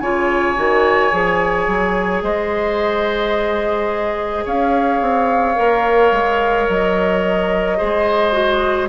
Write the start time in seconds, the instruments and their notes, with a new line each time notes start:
0.00 bassoon C#3, clarinet F4, oboe C#5, flute G#5
0.56 bassoon D#3, clarinet F#4
1.12 bassoon F3, clarinet G#4
1.68 bassoon F#3
2.23 bassoon G#3, oboe C5, flute D#5
4.45 bassoon C#4, oboe C#5, flute F5
5.01 bassoon C4
5.56 bassoon A#3, clarinet A#4
6.12 bassoon G#3
6.69 bassoon F#3, flute D#5
7.78 bassoon G#3, clarinet G#4, oboe C5
8.33 clarinet F#4